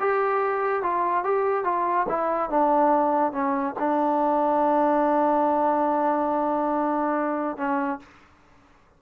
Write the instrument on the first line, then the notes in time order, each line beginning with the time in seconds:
trombone
0.00 G4
0.83 F4
1.24 G4
1.65 F4
2.09 E4
2.50 D4
3.32 C#4
3.79 D4
7.57 C#4